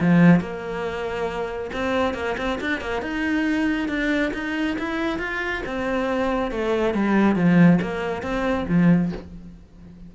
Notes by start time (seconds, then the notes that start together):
0.00 F3
0.40 A#3
1.72 C4
2.14 A#3
2.37 C4
2.61 D4
2.81 A#3
3.02 D#4
3.88 D4
4.33 D#4
4.78 E4
5.19 F4
5.66 C4
6.51 A3
6.94 G3
7.36 F3
7.81 A#3
8.22 C4
8.68 F3